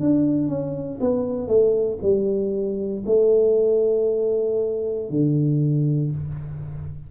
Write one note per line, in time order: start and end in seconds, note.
0.00 0.48 D4
0.48 0.99 C#4
1.01 1.48 B3
1.48 1.99 A3
2.02 3.04 G3
3.06 5.09 A3
5.10 6.12 D3